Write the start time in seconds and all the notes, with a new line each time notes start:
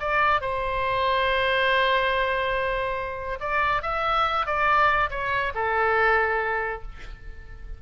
0.00 D5
0.41 C5
3.40 D5
3.83 E5
4.46 D5
5.10 C#5
5.55 A4